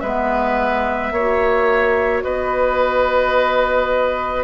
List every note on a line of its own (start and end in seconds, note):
0.00 1.12 G#3
0.00 1.15 B3
0.00 1.13 B4
0.00 2.22 E5
1.12 2.23 A#3
1.12 4.44 F#4
1.12 2.24 C#5
2.23 4.44 B3
2.23 4.44 B4
2.23 4.44 D#5